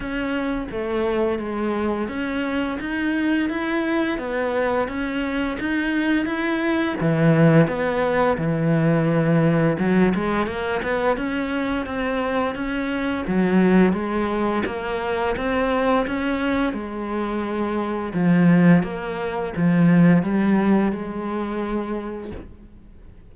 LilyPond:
\new Staff \with { instrumentName = "cello" } { \time 4/4 \tempo 4 = 86 cis'4 a4 gis4 cis'4 | dis'4 e'4 b4 cis'4 | dis'4 e'4 e4 b4 | e2 fis8 gis8 ais8 b8 |
cis'4 c'4 cis'4 fis4 | gis4 ais4 c'4 cis'4 | gis2 f4 ais4 | f4 g4 gis2 | }